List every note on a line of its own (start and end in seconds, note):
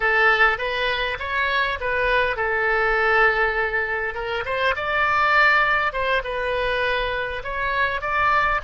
0.00 0.58 A4
0.58 1.17 B4
1.19 1.78 C#5
1.80 2.36 B4
2.36 4.14 A4
4.14 4.44 A#4
4.45 4.74 C5
4.76 5.92 D5
5.92 6.22 C5
6.23 7.42 B4
7.43 8.01 C#5
8.01 8.60 D5